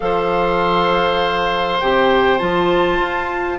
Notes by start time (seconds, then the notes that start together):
0.00 F3 A4 C5 F5
1.80 C3 G4 G5
2.38 F3 F4 A5
2.99 F4